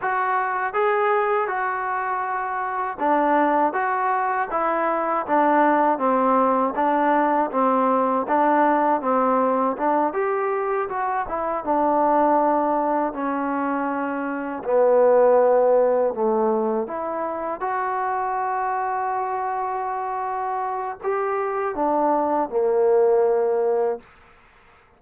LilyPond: \new Staff \with { instrumentName = "trombone" } { \time 4/4 \tempo 4 = 80 fis'4 gis'4 fis'2 | d'4 fis'4 e'4 d'4 | c'4 d'4 c'4 d'4 | c'4 d'8 g'4 fis'8 e'8 d'8~ |
d'4. cis'2 b8~ | b4. a4 e'4 fis'8~ | fis'1 | g'4 d'4 ais2 | }